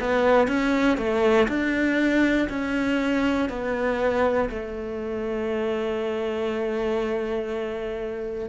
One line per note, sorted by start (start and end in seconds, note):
0.00 0.48 B3
0.48 0.97 C#4
0.97 1.47 A3
1.48 2.48 D4
2.49 3.49 C#4
3.49 4.49 B3
4.49 8.49 A3